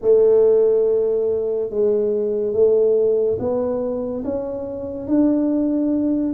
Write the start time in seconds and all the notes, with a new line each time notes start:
0.01 A3
1.70 G#3
2.53 A3
3.39 B3
4.24 C#4
5.07 D4